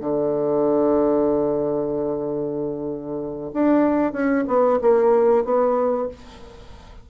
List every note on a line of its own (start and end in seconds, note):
0.00 3.51 D3
3.53 4.12 D4
4.12 4.44 C#4
4.47 4.79 B3
4.81 5.44 A#3
5.44 6.08 B3